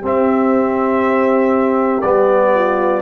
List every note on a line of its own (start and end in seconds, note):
0.00 2.02 C4
0.00 2.50 G4
0.00 2.01 E5
2.01 3.02 G3
2.01 3.02 B3
2.01 3.01 D5
2.54 3.02 F4